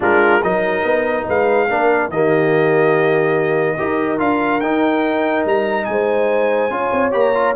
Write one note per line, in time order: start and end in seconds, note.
0.00 0.42 G#3
0.00 0.41 D4
0.00 0.41 F4
0.00 0.42 A#4
0.41 0.84 F#3
0.41 1.69 D#4
0.41 1.25 A#4
0.41 1.26 D#5
0.84 1.26 B3
1.26 1.69 G#3
1.26 1.67 B4
1.26 2.10 F5
1.69 2.09 A#3
1.69 2.11 D4
1.69 2.12 A#4
2.09 3.76 D#3
2.09 3.78 A#3
2.09 3.76 G4
2.09 4.19 D#5
3.76 4.19 D#4
3.76 4.17 G4
3.76 5.86 A#4
4.17 4.61 D4
4.17 4.59 F4
4.17 4.60 F5
4.60 5.45 D#4
4.60 6.70 D#4
4.60 5.44 G5
5.45 5.87 G3
5.45 5.85 A#5
5.85 6.70 G#3
5.85 6.74 C5
5.85 7.10 G#5
6.70 6.91 C#4
6.70 7.11 F4
6.70 7.55 C#5
6.92 7.13 C4
7.11 7.55 A#3
7.11 7.32 G4
7.11 7.54 A#5
7.34 7.55 F4